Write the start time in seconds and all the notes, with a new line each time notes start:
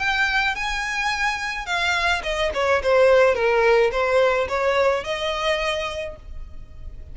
0.00 G5
0.56 G#5
1.67 F5
2.24 D#5
2.54 C#5
2.83 C5
3.35 A#4
3.92 C5
4.49 C#5
5.04 D#5